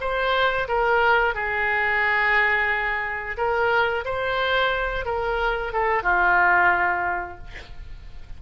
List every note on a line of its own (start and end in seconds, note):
0.00 0.67 C5
0.68 1.35 A#4
1.35 3.37 G#4
3.37 4.04 A#4
4.05 5.05 C5
5.05 5.72 A#4
5.73 6.03 A4
6.03 7.38 F4